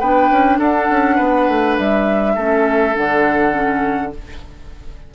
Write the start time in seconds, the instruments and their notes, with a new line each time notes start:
0.00 bassoon B3, clarinet D4, oboe B4, flute G5
0.31 bassoon C#4
0.59 bassoon D4, oboe A4, flute F#5
0.90 bassoon C#4
1.16 bassoon B3, oboe B4
1.49 bassoon A3
1.78 bassoon G3, flute E5
2.35 bassoon A3, clarinet C#4, oboe A4
2.94 bassoon D3, clarinet D4, flute F#5
3.52 clarinet C#4